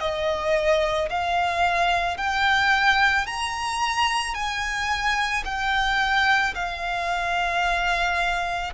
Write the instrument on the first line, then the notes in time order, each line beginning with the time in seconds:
violin
0.00 D#5
1.09 F5
2.17 G5
3.26 A#5
4.34 G#5
5.45 G5
6.55 F5